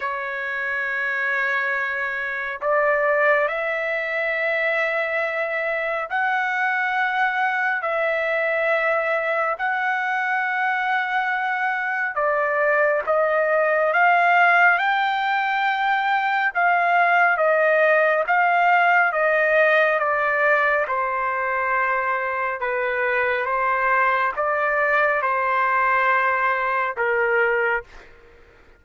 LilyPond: \new Staff \with { instrumentName = "trumpet" } { \time 4/4 \tempo 4 = 69 cis''2. d''4 | e''2. fis''4~ | fis''4 e''2 fis''4~ | fis''2 d''4 dis''4 |
f''4 g''2 f''4 | dis''4 f''4 dis''4 d''4 | c''2 b'4 c''4 | d''4 c''2 ais'4 | }